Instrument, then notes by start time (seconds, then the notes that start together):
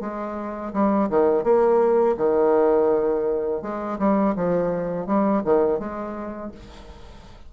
bassoon
0.00 G#3
0.73 G3
1.09 D#3
1.43 A#3
2.17 D#3
3.62 G#3
3.98 G3
4.35 F3
5.06 G3
5.44 D#3
5.79 G#3